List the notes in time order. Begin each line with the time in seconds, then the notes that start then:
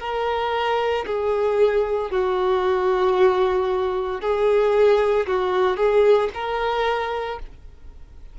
0.00 A#4
1.06 G#4
2.11 F#4
4.21 G#4
5.27 F#4
5.77 G#4
6.34 A#4